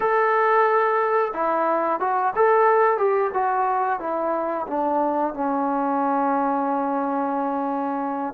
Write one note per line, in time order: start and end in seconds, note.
0.00 1.32 A4
1.33 2.00 E4
2.00 2.33 F#4
2.35 2.97 A4
2.97 3.31 G4
3.33 3.99 F#4
3.99 4.66 E4
4.67 5.34 D4
5.34 8.34 C#4